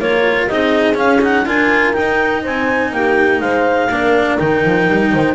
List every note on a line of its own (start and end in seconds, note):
0.00 0.49 A#3
0.00 0.50 F4
0.00 0.49 A#4
0.00 0.49 C#5
0.49 0.99 C4
0.49 0.95 D#4
0.49 1.47 G#4
0.49 0.98 D#5
0.95 1.19 C#4
0.95 1.47 C#4
0.95 1.23 F5
1.22 1.46 D#4
1.22 1.48 F#5
1.46 1.96 D4
1.46 1.94 F4
1.46 2.43 A#4
1.46 1.94 G#5
1.94 3.89 D#4
1.94 2.46 D#4
1.94 2.43 G5
2.43 2.92 C4
2.43 2.92 C5
2.43 2.93 G#5
2.92 3.40 A#3
2.92 3.42 G4
2.92 3.41 G5
3.40 3.89 G#3
3.40 3.91 C5
3.40 4.38 F5
3.90 4.39 A#3
3.90 4.39 D4
3.90 5.13 A#4
4.39 4.65 D#3
4.39 5.35 D#4
4.39 5.35 G5
4.65 4.89 F3
4.89 5.13 G3
5.13 5.35 D#3
5.13 5.35 C5